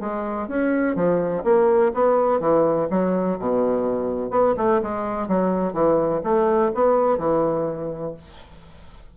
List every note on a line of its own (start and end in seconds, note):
0.00 0.48 G#3
0.48 0.96 C#4
0.96 1.44 F3
1.44 1.92 A#3
1.94 2.40 B3
2.40 2.88 E3
2.91 3.39 F#3
3.39 4.30 B2
4.30 4.54 B3
4.57 4.81 A3
4.83 5.28 G#3
5.28 5.73 F#3
5.73 6.21 E3
6.24 6.72 A3
6.74 7.18 B3
7.18 8.14 E3